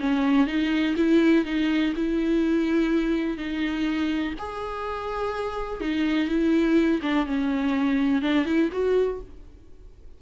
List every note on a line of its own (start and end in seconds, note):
0.00 0.47 C#4
0.47 0.96 D#4
0.97 1.45 E4
1.45 1.94 D#4
1.97 3.38 E4
3.38 4.34 D#4
4.39 5.81 G#4
5.81 6.29 D#4
6.29 7.01 E4
7.03 7.27 D4
7.27 8.22 C#4
8.22 8.46 D4
8.46 8.70 E4
8.73 9.21 F#4